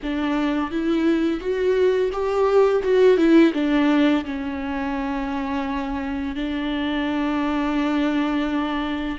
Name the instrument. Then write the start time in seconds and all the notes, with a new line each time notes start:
viola
0.02 D4
0.70 E4
1.40 F#4
2.12 G4
2.83 F#4
3.17 E4
3.53 D4
4.24 C#4
6.35 D4